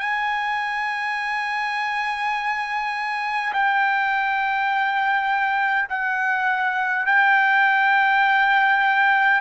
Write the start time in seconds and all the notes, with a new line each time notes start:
0.00 G#5
3.53 G5
5.89 F#5
7.06 G5